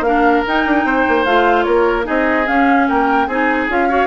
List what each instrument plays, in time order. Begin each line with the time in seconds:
0.00 bassoon A#3, clarinet D4, oboe A#4, flute F5
0.47 clarinet D#4, bassoon D#4, flute G5
0.65 bassoon D4
0.84 bassoon C4, oboe C5
1.08 bassoon A#3
1.24 bassoon A3, clarinet F4, flute F5
1.63 bassoon A#3, oboe A#4, flute C#5
2.03 bassoon C4, clarinet D#4, oboe G#4, flute D#5
2.47 clarinet C#4, bassoon C#4, flute F5
2.88 bassoon A#3, oboe A#4, flute G5
3.27 bassoon C4, clarinet D#4, oboe G#4, flute G#5
3.69 bassoon C#4, clarinet F4, flute F5
3.88 clarinet F#4, oboe C#5